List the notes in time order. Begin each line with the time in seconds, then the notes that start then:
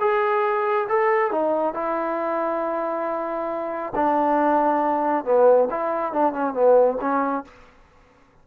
0.00 G#4
0.89 A4
1.31 D#4
1.74 E4
3.95 D4
5.25 B3
5.70 E4
6.13 D4
6.33 C#4
6.54 B3
7.01 C#4